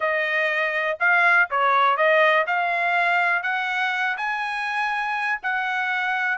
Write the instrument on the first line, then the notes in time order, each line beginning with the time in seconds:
trumpet
0.00 D#5
0.99 F5
1.50 C#5
1.96 D#5
2.46 F5
3.42 F#5
4.17 G#5
5.42 F#5